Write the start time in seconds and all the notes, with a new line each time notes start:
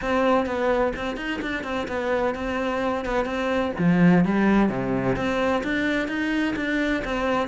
0.01 C4
0.46 B3
0.95 C4
1.17 D#4
1.41 D4
1.63 C4
1.87 B3
2.35 C4
3.05 B3
3.25 C4
3.78 F3
4.24 G3
4.69 C3
5.16 C4
5.63 D4
6.08 D#4
6.56 D4
7.04 C4